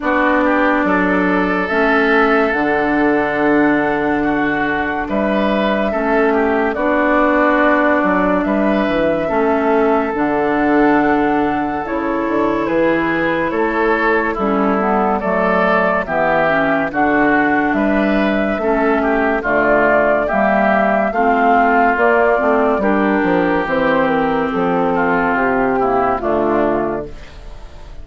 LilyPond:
<<
  \new Staff \with { instrumentName = "flute" } { \time 4/4 \tempo 4 = 71 d''2 e''4 fis''4~ | fis''2 e''2 | d''2 e''2 | fis''2 cis''4 b'4 |
cis''4 a'4 d''4 e''4 | fis''4 e''2 d''4 | e''4 f''4 d''4 ais'4 | c''8 ais'8 a'4 g'4 f'4 | }
  \new Staff \with { instrumentName = "oboe" } { \time 4/4 fis'8 g'8 a'2.~ | a'4 fis'4 b'4 a'8 g'8 | fis'2 b'4 a'4~ | a'2. gis'4 |
a'4 e'4 a'4 g'4 | fis'4 b'4 a'8 g'8 f'4 | g'4 f'2 g'4~ | g'4. f'4 e'8 d'4 | }
  \new Staff \with { instrumentName = "clarinet" } { \time 4/4 d'2 cis'4 d'4~ | d'2. cis'4 | d'2. cis'4 | d'2 e'2~ |
e'4 cis'8 b8 a4 b8 cis'8 | d'2 cis'4 a4 | ais4 c'4 ais8 c'8 d'4 | c'2~ c'8 ais8 a4 | }
  \new Staff \with { instrumentName = "bassoon" } { \time 4/4 b4 fis4 a4 d4~ | d2 g4 a4 | b4. fis8 g8 e8 a4 | d2 cis8 d8 e4 |
a4 g4 fis4 e4 | d4 g4 a4 d4 | g4 a4 ais8 a8 g8 f8 | e4 f4 c4 d4 | }
>>